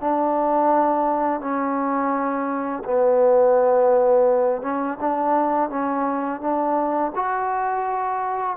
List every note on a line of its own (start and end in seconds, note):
0.00 1.40 D4
1.40 2.83 C#4
2.84 4.62 B3
4.62 4.98 C#4
5.00 5.69 D4
5.69 6.40 C#4
6.40 7.12 D4
7.15 8.56 F#4